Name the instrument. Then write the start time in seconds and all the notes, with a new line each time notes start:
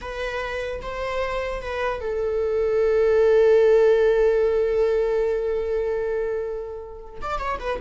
viola
0.01 B4
0.82 C5
1.61 B4
2.01 A4
7.21 D5
7.39 C#5
7.59 B4